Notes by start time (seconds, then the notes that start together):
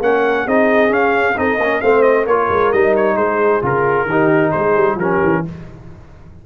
0.00 A#3 C#4 A#4 F#5
0.45 C4 D#4 G#4 D#5
0.89 C#4 F5
1.36 C4 D#4 A4 D#5
1.57 A#3 C#4 A#4
1.81 A3 C4 C5 F5
2.02 D#5
2.25 A#3 F4 A#4 C#5
2.49 G#3
2.72 G3 D#4 D#5
2.96 C#5
3.15 G#3 G#4 C5
3.61 C#3 F4 A#4
4.05 D#3 D#4 G4
4.51 G#3 G#4 C5
4.75 G3
4.95 F3 C#4 G4 A#4
5.23 E3